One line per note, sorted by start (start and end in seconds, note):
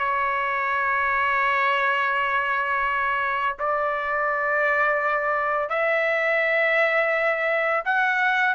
0.00 3.57 C#5
3.59 5.70 D5
5.70 7.84 E5
7.85 8.55 F#5